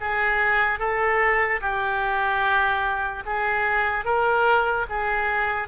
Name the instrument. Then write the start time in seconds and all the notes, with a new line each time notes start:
oboe
0.00 G#4
0.79 A4
1.61 G4
3.25 G#4
4.05 A#4
4.89 G#4